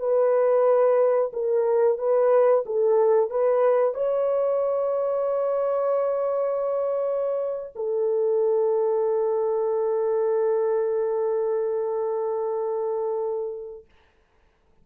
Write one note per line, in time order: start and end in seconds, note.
0.00 1.32 B4
1.34 1.99 A#4
1.99 2.65 B4
2.66 3.31 A4
3.31 3.95 B4
3.95 7.74 C#5
7.76 13.86 A4